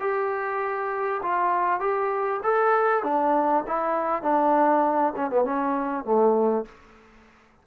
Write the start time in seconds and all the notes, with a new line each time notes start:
0.00 G4
1.22 F4
1.80 G4
2.43 A4
3.03 D4
3.67 E4
4.22 D4
5.16 C#4
5.30 B3
5.44 C#4
6.04 A3